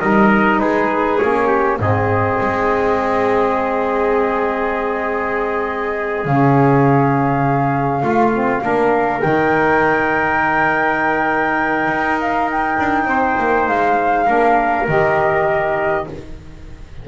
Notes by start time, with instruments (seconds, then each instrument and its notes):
0.00 double bass G3, saxophone D#4, trumpet A#4, flute D#5
0.60 double bass G#3, trumpet G#4, flute B4
1.19 double bass A#3, saxophone C#4, flute C#5
1.48 trumpet G4
1.79 double bass G#2, saxophone C4, trumpet G#4, flute D#5
2.41 double bass G#3
6.25 double bass C#3, saxophone C#4, flute F5
8.03 double bass A3, saxophone F4, trumpet F4
8.34 saxophone C4
8.61 double bass A#3, saxophone D4, trumpet A#4
9.21 double bass D#3, saxophone D#4, flute G5
11.88 double bass D#4
12.21 flute F5
12.51 flute G5
12.79 double bass D4
13.05 double bass C4, trumpet C5
13.39 double bass A#3
13.68 double bass G#3, flute F5
14.26 double bass A#3, saxophone D4, trumpet A#4
14.87 double bass D#3, saxophone G4, flute D#5